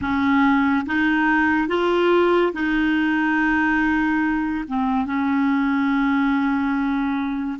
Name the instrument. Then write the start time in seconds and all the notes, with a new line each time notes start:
clarinet
0.01 C#4
0.86 D#4
1.68 F4
2.53 D#4
4.67 C4
5.05 C#4